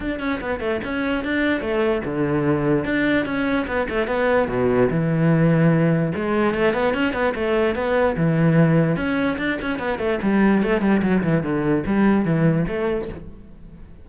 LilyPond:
\new Staff \with { instrumentName = "cello" } { \time 4/4 \tempo 4 = 147 d'8 cis'8 b8 a8 cis'4 d'4 | a4 d2 d'4 | cis'4 b8 a8 b4 b,4 | e2. gis4 |
a8 b8 cis'8 b8 a4 b4 | e2 cis'4 d'8 cis'8 | b8 a8 g4 a8 g8 fis8 e8 | d4 g4 e4 a4 | }